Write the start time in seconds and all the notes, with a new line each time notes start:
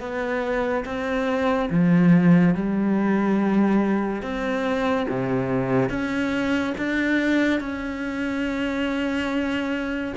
0.00 B3
0.85 C4
1.71 F3
2.55 G3
4.23 C4
5.10 C3
5.90 C#4
6.78 D4
7.61 C#4